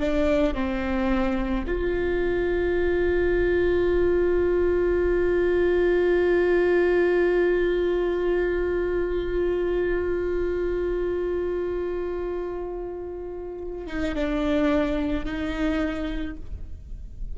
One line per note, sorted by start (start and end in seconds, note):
0.00 0.54 D4
0.54 1.65 C4
1.67 13.87 F4
13.87 14.15 D#4
14.15 15.25 D4
15.25 16.36 D#4